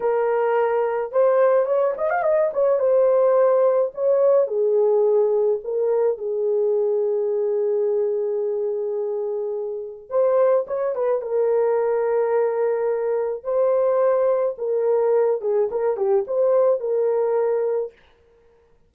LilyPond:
\new Staff \with { instrumentName = "horn" } { \time 4/4 \tempo 4 = 107 ais'2 c''4 cis''8 dis''16 f''16 | dis''8 cis''8 c''2 cis''4 | gis'2 ais'4 gis'4~ | gis'1~ |
gis'2 c''4 cis''8 b'8 | ais'1 | c''2 ais'4. gis'8 | ais'8 g'8 c''4 ais'2 | }